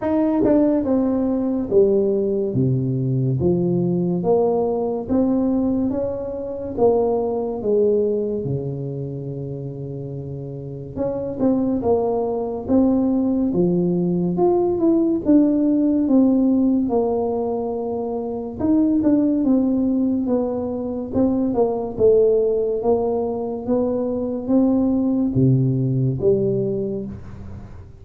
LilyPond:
\new Staff \with { instrumentName = "tuba" } { \time 4/4 \tempo 4 = 71 dis'8 d'8 c'4 g4 c4 | f4 ais4 c'4 cis'4 | ais4 gis4 cis2~ | cis4 cis'8 c'8 ais4 c'4 |
f4 f'8 e'8 d'4 c'4 | ais2 dis'8 d'8 c'4 | b4 c'8 ais8 a4 ais4 | b4 c'4 c4 g4 | }